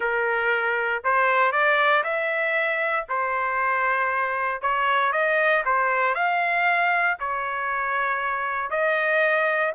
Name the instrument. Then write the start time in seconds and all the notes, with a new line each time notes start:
trumpet
0.00 A#4
1.03 C5
1.52 D5
2.03 E5
3.08 C5
4.61 C#5
5.12 D#5
5.65 C5
6.14 F5
7.19 C#5
8.70 D#5